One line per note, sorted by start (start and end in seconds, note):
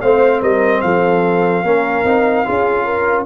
0.00 0.41 A3
0.00 1.64 C4
0.00 0.41 C5
0.00 0.41 F5
0.41 0.82 G3
0.41 0.81 A#4
0.41 0.81 D#5
0.81 1.63 F3
0.81 1.65 A4
0.81 3.24 F5
1.63 2.04 A#3
1.63 2.05 C#4
1.63 2.46 A#4
2.04 2.45 C4
2.04 2.44 D#4
2.44 3.25 C#4
2.44 3.25 F4
2.44 2.84 G#4
2.84 3.25 A#4